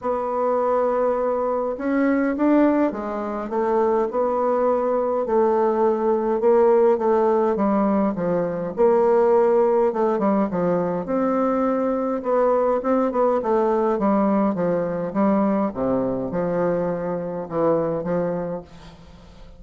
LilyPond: \new Staff \with { instrumentName = "bassoon" } { \time 4/4 \tempo 4 = 103 b2. cis'4 | d'4 gis4 a4 b4~ | b4 a2 ais4 | a4 g4 f4 ais4~ |
ais4 a8 g8 f4 c'4~ | c'4 b4 c'8 b8 a4 | g4 f4 g4 c4 | f2 e4 f4 | }